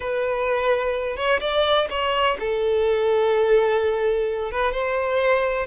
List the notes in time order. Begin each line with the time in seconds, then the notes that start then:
0.00 B4
1.16 C#5
1.40 D5
1.90 C#5
2.39 A4
4.51 B4
4.72 C5